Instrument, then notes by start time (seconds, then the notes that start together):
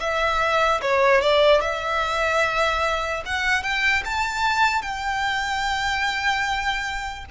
violin
0.00 E5
0.82 C#5
1.22 D5
1.61 E5
3.26 F#5
3.63 G5
4.05 A5
4.82 G5